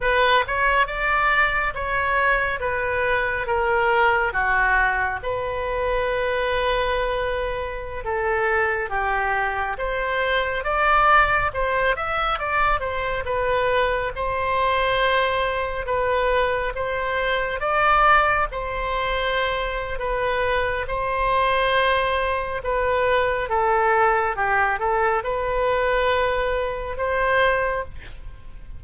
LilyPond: \new Staff \with { instrumentName = "oboe" } { \time 4/4 \tempo 4 = 69 b'8 cis''8 d''4 cis''4 b'4 | ais'4 fis'4 b'2~ | b'4~ b'16 a'4 g'4 c''8.~ | c''16 d''4 c''8 e''8 d''8 c''8 b'8.~ |
b'16 c''2 b'4 c''8.~ | c''16 d''4 c''4.~ c''16 b'4 | c''2 b'4 a'4 | g'8 a'8 b'2 c''4 | }